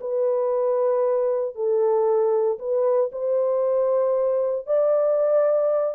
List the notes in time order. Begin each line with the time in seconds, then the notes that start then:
0.00 B4
1.55 A4
2.58 B4
3.11 C5
4.66 D5